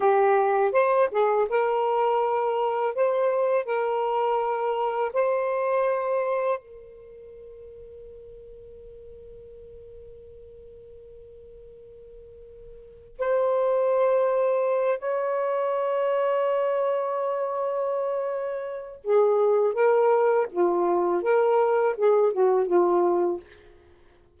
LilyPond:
\new Staff \with { instrumentName = "saxophone" } { \time 4/4 \tempo 4 = 82 g'4 c''8 gis'8 ais'2 | c''4 ais'2 c''4~ | c''4 ais'2.~ | ais'1~ |
ais'2 c''2~ | c''8 cis''2.~ cis''8~ | cis''2 gis'4 ais'4 | f'4 ais'4 gis'8 fis'8 f'4 | }